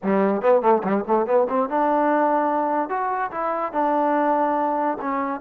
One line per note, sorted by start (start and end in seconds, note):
0.03 0.41 G3
0.41 0.61 B3
0.61 0.82 A3
0.83 1.04 G3
1.07 1.26 A3
1.26 1.47 B3
1.49 1.69 C4
1.69 2.89 D4
2.89 3.30 F#4
3.31 3.72 E4
3.72 4.97 D4
5.01 5.41 C#4